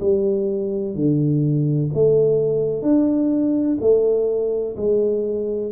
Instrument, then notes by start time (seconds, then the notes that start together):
tuba
0.00 G3
0.95 D3
1.94 A3
2.82 D4
3.81 A3
4.77 G#3